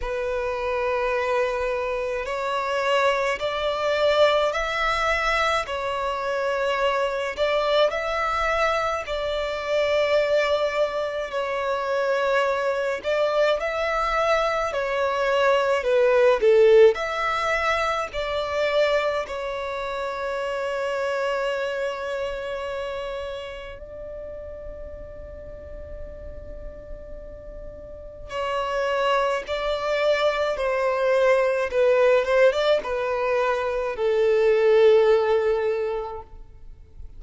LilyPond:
\new Staff \with { instrumentName = "violin" } { \time 4/4 \tempo 4 = 53 b'2 cis''4 d''4 | e''4 cis''4. d''8 e''4 | d''2 cis''4. d''8 | e''4 cis''4 b'8 a'8 e''4 |
d''4 cis''2.~ | cis''4 d''2.~ | d''4 cis''4 d''4 c''4 | b'8 c''16 d''16 b'4 a'2 | }